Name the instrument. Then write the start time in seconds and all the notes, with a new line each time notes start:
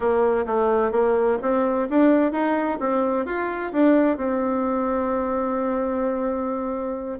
bassoon
0.00 A#3
0.46 A3
0.91 A#3
1.41 C4
1.89 D4
2.32 D#4
2.80 C4
3.25 F4
3.72 D4
4.17 C4